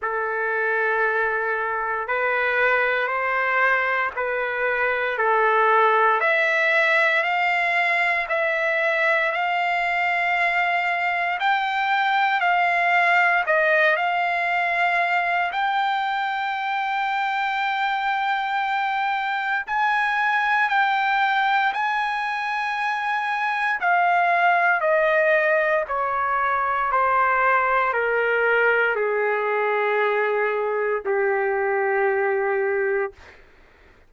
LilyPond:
\new Staff \with { instrumentName = "trumpet" } { \time 4/4 \tempo 4 = 58 a'2 b'4 c''4 | b'4 a'4 e''4 f''4 | e''4 f''2 g''4 | f''4 dis''8 f''4. g''4~ |
g''2. gis''4 | g''4 gis''2 f''4 | dis''4 cis''4 c''4 ais'4 | gis'2 g'2 | }